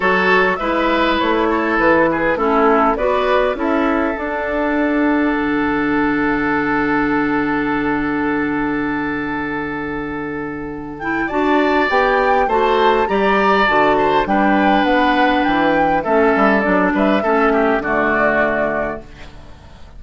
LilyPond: <<
  \new Staff \with { instrumentName = "flute" } { \time 4/4 \tempo 4 = 101 cis''4 e''4 cis''4 b'4 | a'4 d''4 e''4 fis''4~ | fis''1~ | fis''1~ |
fis''2~ fis''8 g''8 a''4 | g''4 a''4 ais''4 a''4 | g''4 fis''4 g''4 e''4 | d''8 e''4. d''2 | }
  \new Staff \with { instrumentName = "oboe" } { \time 4/4 a'4 b'4. a'4 gis'8 | e'4 b'4 a'2~ | a'1~ | a'1~ |
a'2. d''4~ | d''4 c''4 d''4. c''8 | b'2. a'4~ | a'8 b'8 a'8 g'8 fis'2 | }
  \new Staff \with { instrumentName = "clarinet" } { \time 4/4 fis'4 e'2. | cis'4 fis'4 e'4 d'4~ | d'1~ | d'1~ |
d'2~ d'8 e'8 fis'4 | g'4 fis'4 g'4 fis'4 | d'2. cis'4 | d'4 cis'4 a2 | }
  \new Staff \with { instrumentName = "bassoon" } { \time 4/4 fis4 gis4 a4 e4 | a4 b4 cis'4 d'4~ | d'4 d2.~ | d1~ |
d2. d'4 | b4 a4 g4 d4 | g4 b4 e4 a8 g8 | fis8 g8 a4 d2 | }
>>